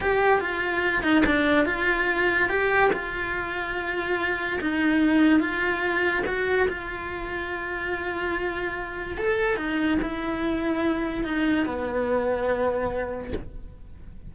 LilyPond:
\new Staff \with { instrumentName = "cello" } { \time 4/4 \tempo 4 = 144 g'4 f'4. dis'8 d'4 | f'2 g'4 f'4~ | f'2. dis'4~ | dis'4 f'2 fis'4 |
f'1~ | f'2 a'4 dis'4 | e'2. dis'4 | b1 | }